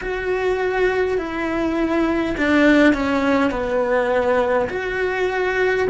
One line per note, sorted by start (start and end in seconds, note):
0.01 1.18 F#4
1.18 2.35 E4
2.37 2.93 D4
2.93 3.50 C#4
3.50 4.68 B3
4.70 5.87 F#4